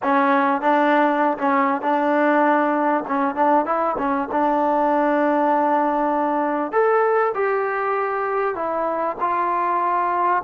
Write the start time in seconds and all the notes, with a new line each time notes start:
0.02 C#4
0.61 D4
1.38 C#4
1.81 D4
3.08 C#4
3.35 D4
3.65 E4
3.98 C#4
4.31 D4
6.72 A4
7.34 G4
8.55 E4
9.20 F4